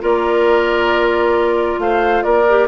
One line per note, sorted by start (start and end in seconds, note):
0.00 1.79 A#3
0.00 2.44 F4
0.00 1.80 A#4
0.00 1.81 D5
1.79 2.23 A3
1.79 2.24 C5
1.79 2.23 F5
2.23 2.68 A#3
2.23 2.68 A#4
2.23 2.67 D5
2.49 2.68 G4